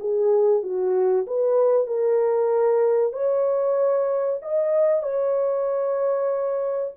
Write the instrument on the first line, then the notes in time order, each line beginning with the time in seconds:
horn
0.00 G#4
0.63 F#4
1.26 B4
1.87 A#4
3.13 C#5
4.42 D#5
5.02 C#5